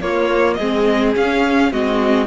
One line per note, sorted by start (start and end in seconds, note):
0.00 0.57 A#3
0.00 0.58 A#3
0.00 0.58 F4
0.00 0.54 C#5
0.54 1.16 G#3
0.54 1.71 G#4
0.54 1.10 D#5
0.60 1.15 C4
1.15 1.71 C#4
1.15 1.72 C#4
1.15 1.72 F5
1.71 2.27 G#3
1.71 2.27 C4
1.71 2.27 F#4
1.71 2.27 D#5